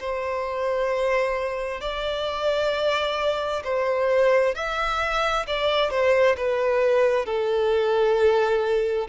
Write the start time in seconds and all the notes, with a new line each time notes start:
0.00 C5
1.81 D5
3.64 C5
4.55 E5
5.47 D5
5.91 C5
6.37 B4
7.26 A4